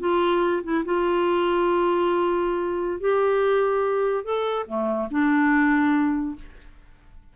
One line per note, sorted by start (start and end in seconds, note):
0.00 0.62 F4
0.64 0.84 E4
0.85 3.01 F4
3.01 4.24 G4
4.24 4.66 A4
4.67 5.09 A3
5.11 6.36 D4